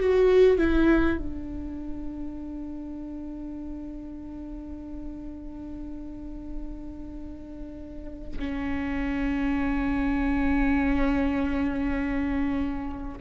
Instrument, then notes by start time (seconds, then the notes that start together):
viola
0.00 F#4
0.58 E4
1.18 D4
8.39 C#4